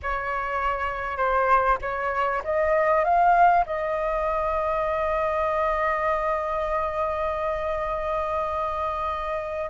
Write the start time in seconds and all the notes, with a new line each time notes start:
0.02 C#5
1.17 C5
1.81 C#5
2.44 D#5
3.04 F5
3.66 D#5